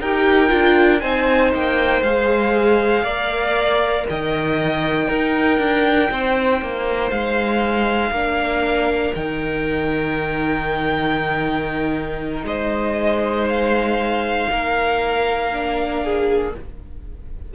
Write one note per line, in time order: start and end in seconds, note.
0.00 0.51 D#4
0.00 0.48 G4
0.00 1.01 A#4
0.00 1.00 G5
0.48 1.02 D4
0.48 0.99 F4
1.00 1.53 C4
1.00 2.03 D#4
1.00 3.02 C5
1.00 1.51 G#5
1.54 2.01 A#3
1.54 2.03 G5
2.01 3.03 G#3
2.01 3.06 G#4
2.01 4.06 F5
3.02 4.05 A#3
3.02 5.11 A#4
3.02 4.04 D5
4.09 5.08 D#3
4.09 5.07 D#5
4.09 7.10 G5
5.07 5.58 D#4
5.07 8.14 D#4
5.07 6.09 A#4
5.58 6.09 D4
6.11 6.61 C4
6.11 8.11 C5
6.61 7.11 A#3
7.10 8.10 G#3
7.10 9.14 F5
8.10 9.12 A#3
8.10 9.16 D4
8.10 12.44 A#4
9.15 12.43 D#3
9.15 15.51 D#4
9.15 12.45 G5
12.43 14.47 G#3
12.43 14.50 C5
12.43 13.48 D#5
13.48 16.53 F5
14.51 16.54 A#3
14.51 16.03 A#4
15.51 16.53 D4
16.03 16.54 G#4